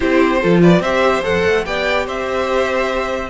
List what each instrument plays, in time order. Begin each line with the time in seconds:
0.00 cello C4, viola E4, violin G4 C5
0.40 cello F3, viola F4, violin A4
0.62 violin B4 D5
0.80 cello C4, viola G4, violin C5 E5
1.23 cello F2, viola A4, violin F#5
1.45 cello A3
1.65 cello B3, viola G4, violin D5 G5
2.06 cello C4, violin C5 E5